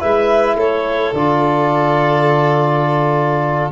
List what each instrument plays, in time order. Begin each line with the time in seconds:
0.00 tuba G#3, trombone E4, violin B4, clarinet E5
0.56 tuba A3, violin A4, clarinet C#5
1.13 tuba D3, trombone F4, clarinet D5